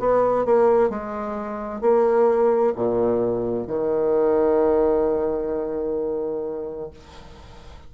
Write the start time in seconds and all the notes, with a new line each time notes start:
0.00 B3
0.46 A#3
0.90 G#3
1.82 A#3
2.76 A#2
3.68 D#3